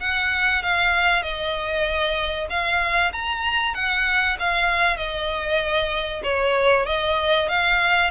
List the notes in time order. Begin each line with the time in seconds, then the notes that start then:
0.00 F#5
0.62 F5
1.22 D#5
2.49 F5
3.12 A#5
3.74 F#5
4.39 F5
4.96 D#5
6.23 C#5
6.86 D#5
7.49 F5